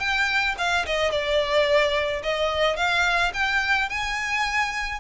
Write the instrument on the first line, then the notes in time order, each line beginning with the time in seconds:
violin
0.00 G5
0.59 F5
0.87 D#5
1.11 D5
2.23 D#5
2.77 F5
3.34 G5
3.90 G#5